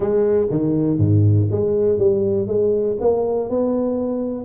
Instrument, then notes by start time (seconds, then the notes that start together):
tuba
0.00 G#3
0.50 D#3
0.98 G#2
1.51 G#3
1.98 G3
2.47 G#3
3.00 A#3
3.49 B3